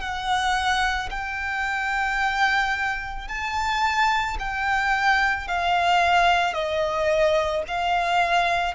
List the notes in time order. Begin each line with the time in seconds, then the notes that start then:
0.00 F#5
1.10 G5
3.28 A5
4.39 G5
5.47 F5
6.54 D#5
7.68 F5